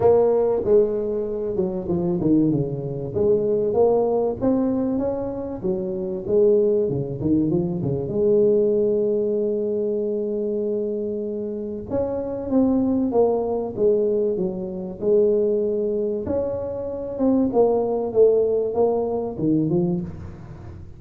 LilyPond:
\new Staff \with { instrumentName = "tuba" } { \time 4/4 \tempo 4 = 96 ais4 gis4. fis8 f8 dis8 | cis4 gis4 ais4 c'4 | cis'4 fis4 gis4 cis8 dis8 | f8 cis8 gis2.~ |
gis2. cis'4 | c'4 ais4 gis4 fis4 | gis2 cis'4. c'8 | ais4 a4 ais4 dis8 f8 | }